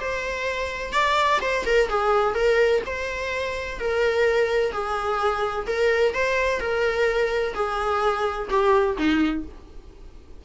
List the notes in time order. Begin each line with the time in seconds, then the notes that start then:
0.00 C5
0.93 D5
1.41 C5
1.66 A#4
1.89 G#4
2.35 A#4
2.86 C5
3.80 A#4
4.72 G#4
5.67 A#4
6.14 C5
6.60 A#4
7.54 G#4
8.50 G4
8.98 D#4